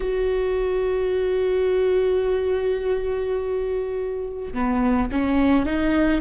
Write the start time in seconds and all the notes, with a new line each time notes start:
0.00 F#4
4.53 B3
5.11 C#4
5.66 D#4